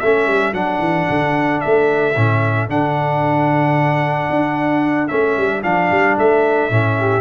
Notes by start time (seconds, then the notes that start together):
0.00 A3 C#4 A4 E5
0.27 G3
0.53 F#3 D4 F#5
0.79 E3
1.10 D3
1.61 A3 E5
2.16 A2 C#4
2.69 D3 D4 F#5
4.30 D4
5.08 A3 C#4 E5
5.37 G3
5.63 F3 D4 F5
5.91 G3
6.18 A3 E5
6.70 A2 C#4
6.99 G4